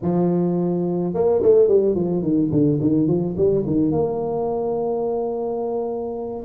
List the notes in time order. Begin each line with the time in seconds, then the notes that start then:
0.02 F3
1.14 A#3
1.42 A3
1.68 G3
1.95 F3
2.22 D#3
2.51 D3
2.80 D#3
3.07 F3
3.37 G3
3.66 D#3
3.91 A#3